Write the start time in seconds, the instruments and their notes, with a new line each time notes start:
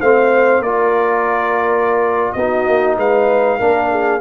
0.00 tuba A3, trombone C4, horn C5, trumpet F5
0.59 tuba A#3, trombone F4, horn A#4, trumpet D5
2.32 tuba B3, trombone D#4, horn F#4, trumpet D#5
2.66 tuba A#3
2.97 tuba G#3, horn B4, trumpet F5
3.58 tuba A#3, trombone D4, horn A#4
3.91 horn G#4